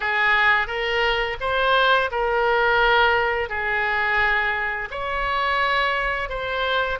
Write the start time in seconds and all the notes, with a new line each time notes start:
0.00 G#4
0.67 A#4
1.40 C5
2.11 A#4
3.49 G#4
4.90 C#5
6.29 C5